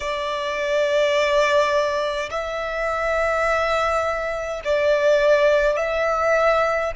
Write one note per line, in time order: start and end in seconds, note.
0.00 2.29 D5
2.30 4.61 E5
4.64 5.76 D5
5.76 6.92 E5